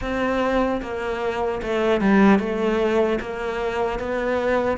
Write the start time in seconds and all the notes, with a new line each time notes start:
0.01 C4
0.81 A#3
1.62 A3
2.00 G3
2.39 A3
3.20 A#3
3.99 B3